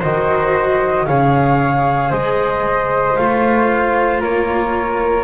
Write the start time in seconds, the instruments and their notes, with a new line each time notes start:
0.00 double bass D#3, cello F#4, flute C5 D#5
1.06 double bass C#3, cello G#4, flute C#5 F5
2.10 double bass G#3, flute C5 D#5
3.16 double bass A3, cello F4, flute F5
4.21 double bass A#3, flute A#4 C#5